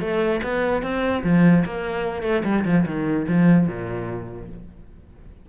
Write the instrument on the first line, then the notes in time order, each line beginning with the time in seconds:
cello
0.00 A3
0.43 B3
0.82 C4
1.23 F3
1.65 A#3
2.22 A3
2.44 G3
2.65 F3
2.86 D#3
3.28 F3
3.67 A#2